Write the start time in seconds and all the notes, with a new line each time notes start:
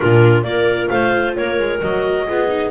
0.00 A#2 D4 F4 A#4
0.43 A#3 F4 A#4 D5
0.88 A3 C5 F5
1.35 A#3 A#4 C#5
1.59 G#3
1.80 F#3 F#4 D#5
2.27 B3 F4 G#4
2.48 D#4